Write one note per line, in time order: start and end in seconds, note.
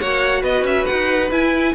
0.00 0.43 A#3
0.00 1.31 F#4
0.00 0.42 C#5
0.00 0.43 F#5
0.42 0.63 B3
0.42 1.72 B4
0.42 0.66 D#5
0.63 0.84 C#4
0.63 0.86 E5
0.86 1.31 D#4
0.86 1.30 F#5
1.31 1.75 E4
1.31 1.75 G#5